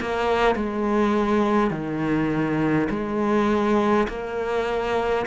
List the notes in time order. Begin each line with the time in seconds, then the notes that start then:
0.00 A#3
0.55 G#3
1.70 D#3
2.89 G#3
4.08 A#3